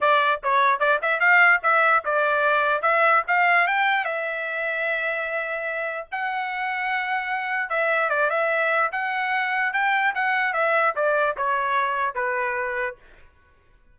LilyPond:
\new Staff \with { instrumentName = "trumpet" } { \time 4/4 \tempo 4 = 148 d''4 cis''4 d''8 e''8 f''4 | e''4 d''2 e''4 | f''4 g''4 e''2~ | e''2. fis''4~ |
fis''2. e''4 | d''8 e''4. fis''2 | g''4 fis''4 e''4 d''4 | cis''2 b'2 | }